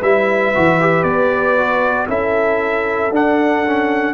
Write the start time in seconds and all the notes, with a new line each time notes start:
0.00 G3 E4 B4 E5
0.55 E3 F#4
0.81 G4
1.04 B3 D5
1.59 F#4
2.08 C#4 E4 A4 E5
3.11 D4 F#5
3.68 C#4